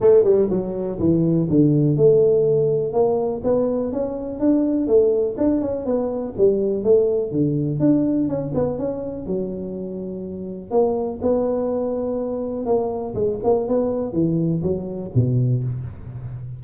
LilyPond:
\new Staff \with { instrumentName = "tuba" } { \time 4/4 \tempo 4 = 123 a8 g8 fis4 e4 d4 | a2 ais4 b4 | cis'4 d'4 a4 d'8 cis'8 | b4 g4 a4 d4 |
d'4 cis'8 b8 cis'4 fis4~ | fis2 ais4 b4~ | b2 ais4 gis8 ais8 | b4 e4 fis4 b,4 | }